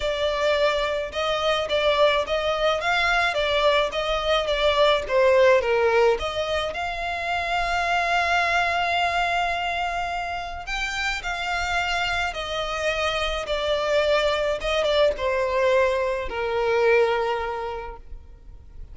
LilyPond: \new Staff \with { instrumentName = "violin" } { \time 4/4 \tempo 4 = 107 d''2 dis''4 d''4 | dis''4 f''4 d''4 dis''4 | d''4 c''4 ais'4 dis''4 | f''1~ |
f''2. g''4 | f''2 dis''2 | d''2 dis''8 d''8 c''4~ | c''4 ais'2. | }